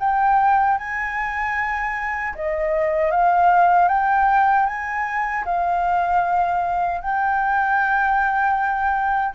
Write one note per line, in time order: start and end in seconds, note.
0.00 0.78 G5
0.78 2.34 G#5
2.36 3.11 D#5
3.11 3.89 F5
3.89 4.66 G5
4.67 5.45 G#5
5.45 7.01 F5
7.02 9.35 G5